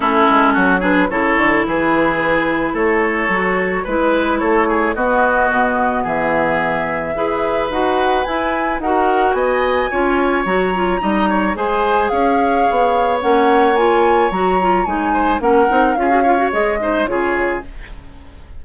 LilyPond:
<<
  \new Staff \with { instrumentName = "flute" } { \time 4/4 \tempo 4 = 109 a'4. b'8 cis''4 b'4~ | b'4 cis''2 b'4 | cis''4 dis''2 e''4~ | e''2 fis''4 gis''4 |
fis''4 gis''2 ais''4~ | ais''4 gis''4 f''2 | fis''4 gis''4 ais''4 gis''4 | fis''4 f''4 dis''4 cis''4 | }
  \new Staff \with { instrumentName = "oboe" } { \time 4/4 e'4 fis'8 gis'8 a'4 gis'4~ | gis'4 a'2 b'4 | a'8 gis'8 fis'2 gis'4~ | gis'4 b'2. |
ais'4 dis''4 cis''2 | dis''8 cis''8 c''4 cis''2~ | cis''2.~ cis''8 c''8 | ais'4 gis'8 cis''4 c''8 gis'4 | }
  \new Staff \with { instrumentName = "clarinet" } { \time 4/4 cis'4. d'8 e'2~ | e'2 fis'4 e'4~ | e'4 b2.~ | b4 gis'4 fis'4 e'4 |
fis'2 f'4 fis'8 f'8 | dis'4 gis'2. | cis'4 f'4 fis'8 f'8 dis'4 | cis'8 dis'8 f'16 fis'16 f'16 fis'16 gis'8 dis'8 f'4 | }
  \new Staff \with { instrumentName = "bassoon" } { \time 4/4 a8 gis8 fis4 cis8 d8 e4~ | e4 a4 fis4 gis4 | a4 b4 b,4 e4~ | e4 e'4 dis'4 e'4 |
dis'4 b4 cis'4 fis4 | g4 gis4 cis'4 b4 | ais2 fis4 gis4 | ais8 c'8 cis'4 gis4 cis4 | }
>>